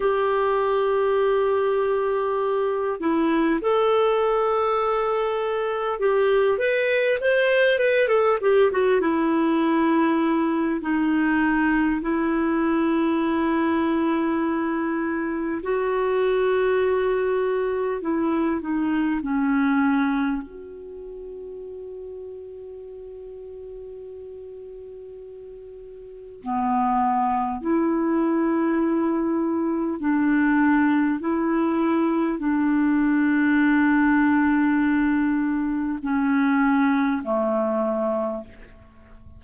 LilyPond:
\new Staff \with { instrumentName = "clarinet" } { \time 4/4 \tempo 4 = 50 g'2~ g'8 e'8 a'4~ | a'4 g'8 b'8 c''8 b'16 a'16 g'16 fis'16 e'8~ | e'4 dis'4 e'2~ | e'4 fis'2 e'8 dis'8 |
cis'4 fis'2.~ | fis'2 b4 e'4~ | e'4 d'4 e'4 d'4~ | d'2 cis'4 a4 | }